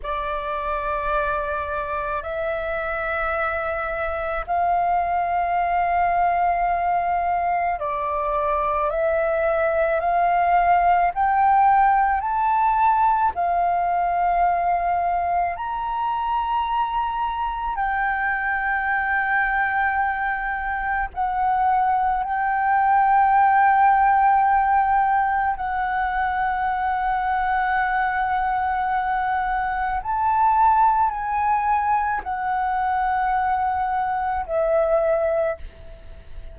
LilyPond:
\new Staff \with { instrumentName = "flute" } { \time 4/4 \tempo 4 = 54 d''2 e''2 | f''2. d''4 | e''4 f''4 g''4 a''4 | f''2 ais''2 |
g''2. fis''4 | g''2. fis''4~ | fis''2. a''4 | gis''4 fis''2 e''4 | }